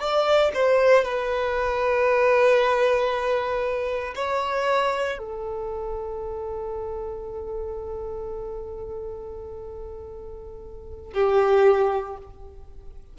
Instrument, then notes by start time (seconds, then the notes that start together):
violin
0.00 D5
0.54 C5
1.04 B4
4.15 C#5
5.19 A4
11.14 G4